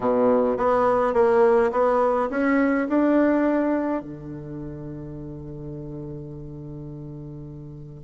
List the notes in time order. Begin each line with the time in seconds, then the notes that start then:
0.00 B2
0.57 B3
1.13 A#3
1.71 B3
2.30 C#4
2.88 D4
4.01 D3